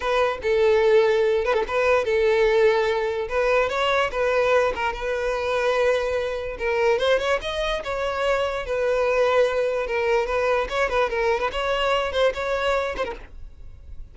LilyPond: \new Staff \with { instrumentName = "violin" } { \time 4/4 \tempo 4 = 146 b'4 a'2~ a'8 b'16 a'16 | b'4 a'2. | b'4 cis''4 b'4. ais'8 | b'1 |
ais'4 c''8 cis''8 dis''4 cis''4~ | cis''4 b'2. | ais'4 b'4 cis''8 b'8 ais'8. b'16 | cis''4. c''8 cis''4. c''16 ais'16 | }